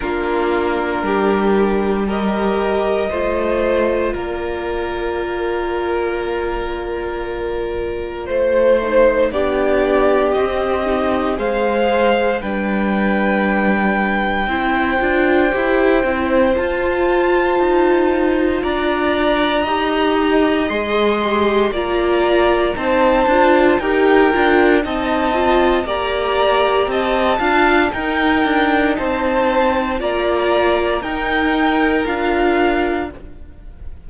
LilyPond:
<<
  \new Staff \with { instrumentName = "violin" } { \time 4/4 \tempo 4 = 58 ais'2 dis''2 | d''1 | c''4 d''4 dis''4 f''4 | g''1 |
a''2 ais''2 | c'''4 ais''4 a''4 g''4 | a''4 ais''4 a''4 g''4 | a''4 ais''4 g''4 f''4 | }
  \new Staff \with { instrumentName = "violin" } { \time 4/4 f'4 g'4 ais'4 c''4 | ais'1 | c''4 g'2 c''4 | b'2 c''2~ |
c''2 d''4 dis''4~ | dis''4 d''4 c''4 ais'4 | dis''4 d''4 dis''8 f''8 ais'4 | c''4 d''4 ais'2 | }
  \new Staff \with { instrumentName = "viola" } { \time 4/4 d'2 g'4 f'4~ | f'1~ | f'8 dis'8 d'4 c'8 dis'8 gis'4 | d'2 e'8 f'8 g'8 e'8 |
f'2. g'4 | gis'8 g'8 f'4 dis'8 f'8 g'8 f'8 | dis'8 f'8 g'4. f'8 dis'4~ | dis'4 f'4 dis'4 f'4 | }
  \new Staff \with { instrumentName = "cello" } { \time 4/4 ais4 g2 a4 | ais1 | a4 b4 c'4 gis4 | g2 c'8 d'8 e'8 c'8 |
f'4 dis'4 d'4 dis'4 | gis4 ais4 c'8 d'8 dis'8 d'8 | c'4 ais4 c'8 d'8 dis'8 d'8 | c'4 ais4 dis'4 d'4 | }
>>